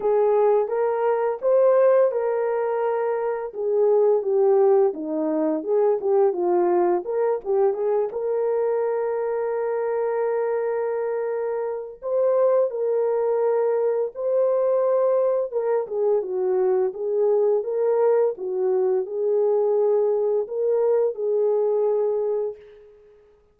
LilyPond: \new Staff \with { instrumentName = "horn" } { \time 4/4 \tempo 4 = 85 gis'4 ais'4 c''4 ais'4~ | ais'4 gis'4 g'4 dis'4 | gis'8 g'8 f'4 ais'8 g'8 gis'8 ais'8~ | ais'1~ |
ais'4 c''4 ais'2 | c''2 ais'8 gis'8 fis'4 | gis'4 ais'4 fis'4 gis'4~ | gis'4 ais'4 gis'2 | }